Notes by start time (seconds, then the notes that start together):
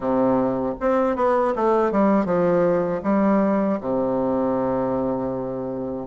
0.00 C3
0.80 C4
1.16 B3
1.55 A3
1.91 G3
2.25 F3
3.03 G3
3.80 C3